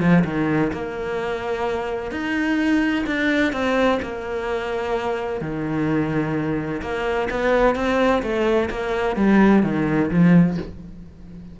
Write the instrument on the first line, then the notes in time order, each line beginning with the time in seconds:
cello
0.00 F3
0.25 D#3
0.72 A#3
2.11 D#4
3.06 D4
3.52 C4
4.02 A#3
5.41 D#3
6.82 A#3
7.30 B3
7.75 C4
8.22 A3
8.70 A#3
9.16 G3
9.63 D#3
10.10 F3